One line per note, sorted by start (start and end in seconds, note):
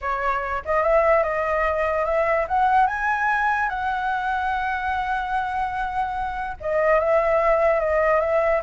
0.01 0.62 C#5
0.65 0.82 D#5
0.82 1.23 E5
1.23 2.05 D#5
2.05 2.46 E5
2.48 2.87 F#5
2.87 3.69 G#5
3.69 6.56 F#5
6.60 6.99 D#5
6.99 7.80 E5
7.80 8.20 D#5
8.20 8.61 E5